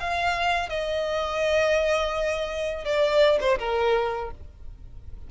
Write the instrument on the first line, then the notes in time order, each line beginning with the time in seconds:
violin
0.00 F5
0.69 D#5
2.85 D5
3.40 C5
3.59 A#4